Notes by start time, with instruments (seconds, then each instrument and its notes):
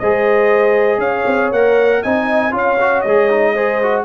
0.00 tuba G#3, trombone G#4, horn C5, trumpet D#5
0.98 tuba C#4, horn C#5, trumpet F5
1.27 tuba C4
1.52 tuba A#3, trombone A#4, trumpet F#5
2.03 tuba C4, trombone D#4, horn D#5, trumpet G#5
2.52 tuba C#4, trombone F4, horn C#5, trumpet F5
2.81 trombone F#4
3.01 tuba G#3, trumpet D#5
3.09 trombone G#4
3.30 trombone D#4
3.54 trombone G#4, horn C5
3.83 trombone F#4